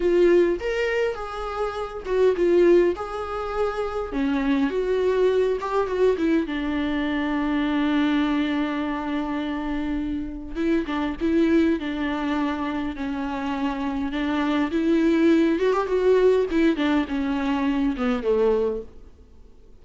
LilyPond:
\new Staff \with { instrumentName = "viola" } { \time 4/4 \tempo 4 = 102 f'4 ais'4 gis'4. fis'8 | f'4 gis'2 cis'4 | fis'4. g'8 fis'8 e'8 d'4~ | d'1~ |
d'2 e'8 d'8 e'4 | d'2 cis'2 | d'4 e'4. fis'16 g'16 fis'4 | e'8 d'8 cis'4. b8 a4 | }